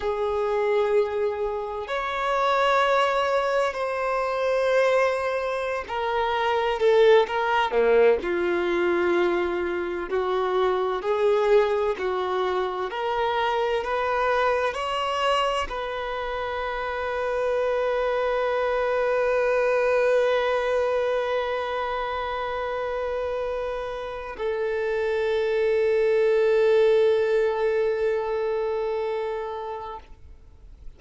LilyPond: \new Staff \with { instrumentName = "violin" } { \time 4/4 \tempo 4 = 64 gis'2 cis''2 | c''2~ c''16 ais'4 a'8 ais'16~ | ais'16 ais8 f'2 fis'4 gis'16~ | gis'8. fis'4 ais'4 b'4 cis''16~ |
cis''8. b'2.~ b'16~ | b'1~ | b'2 a'2~ | a'1 | }